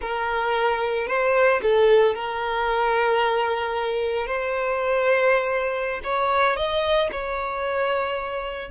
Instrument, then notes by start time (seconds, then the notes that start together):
violin
0.01 A#4
1.07 C5
1.62 A4
2.14 A#4
4.26 C5
6.03 C#5
6.56 D#5
7.11 C#5